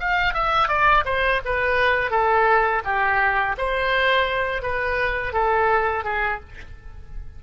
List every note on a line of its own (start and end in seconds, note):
0.00 0.34 F5
0.34 0.69 E5
0.69 1.04 D5
1.05 1.41 C5
1.45 2.11 B4
2.11 2.82 A4
2.84 3.56 G4
3.58 4.62 C5
4.62 5.33 B4
5.33 6.04 A4
6.04 6.40 G#4